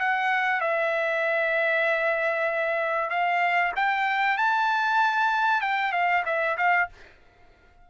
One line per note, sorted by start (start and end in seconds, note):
0.00 0.61 F#5
0.61 3.10 E5
3.10 3.72 F5
3.76 4.37 G5
4.37 5.61 A5
5.61 5.92 G5
5.92 6.23 F5
6.25 6.57 E5
6.57 6.89 F5